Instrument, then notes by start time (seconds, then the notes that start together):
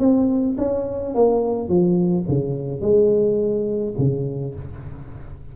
tuba
0.00 C4
0.58 C#4
1.15 A#3
1.69 F3
2.29 C#3
2.81 G#3
3.99 C#3